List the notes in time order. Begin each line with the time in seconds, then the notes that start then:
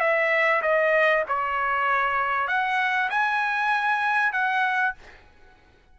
0.00 E5
0.62 D#5
1.28 C#5
2.48 F#5
3.10 G#5
4.33 F#5